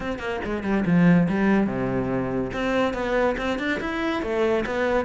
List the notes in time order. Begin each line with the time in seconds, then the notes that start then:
0.00 C4
0.18 A#3
0.44 G#3
0.63 G3
0.85 F3
1.28 G3
1.67 C3
2.53 C4
2.93 B3
3.37 C4
3.58 D4
3.80 E4
4.22 A3
4.66 B3